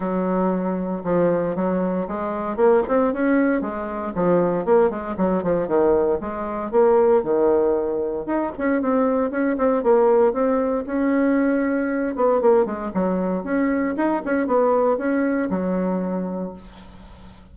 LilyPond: \new Staff \with { instrumentName = "bassoon" } { \time 4/4 \tempo 4 = 116 fis2 f4 fis4 | gis4 ais8 c'8 cis'4 gis4 | f4 ais8 gis8 fis8 f8 dis4 | gis4 ais4 dis2 |
dis'8 cis'8 c'4 cis'8 c'8 ais4 | c'4 cis'2~ cis'8 b8 | ais8 gis8 fis4 cis'4 dis'8 cis'8 | b4 cis'4 fis2 | }